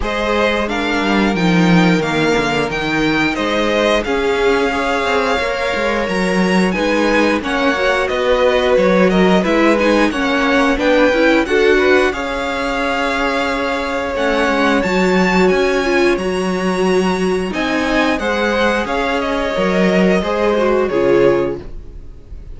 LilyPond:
<<
  \new Staff \with { instrumentName = "violin" } { \time 4/4 \tempo 4 = 89 dis''4 f''4 g''4 f''4 | g''4 dis''4 f''2~ | f''4 ais''4 gis''4 fis''4 | dis''4 cis''8 dis''8 e''8 gis''8 fis''4 |
g''4 fis''4 f''2~ | f''4 fis''4 a''4 gis''4 | ais''2 gis''4 fis''4 | f''8 dis''2~ dis''8 cis''4 | }
  \new Staff \with { instrumentName = "violin" } { \time 4/4 c''4 ais'2.~ | ais'4 c''4 gis'4 cis''4~ | cis''2 b'4 cis''4 | b'4. ais'8 b'4 cis''4 |
b'4 a'8 b'8 cis''2~ | cis''1~ | cis''2 dis''4 c''4 | cis''2 c''4 gis'4 | }
  \new Staff \with { instrumentName = "viola" } { \time 4/4 gis'4 d'4 dis'4 ais4 | dis'2 cis'4 gis'4 | ais'2 dis'4 cis'8 fis'8~ | fis'2 e'8 dis'8 cis'4 |
d'8 e'8 fis'4 gis'2~ | gis'4 cis'4 fis'4. f'8 | fis'2 dis'4 gis'4~ | gis'4 ais'4 gis'8 fis'8 f'4 | }
  \new Staff \with { instrumentName = "cello" } { \time 4/4 gis4. g8 f4 dis8 d8 | dis4 gis4 cis'4. c'8 | ais8 gis8 fis4 gis4 ais4 | b4 fis4 gis4 ais4 |
b8 cis'8 d'4 cis'2~ | cis'4 a8 gis8 fis4 cis'4 | fis2 c'4 gis4 | cis'4 fis4 gis4 cis4 | }
>>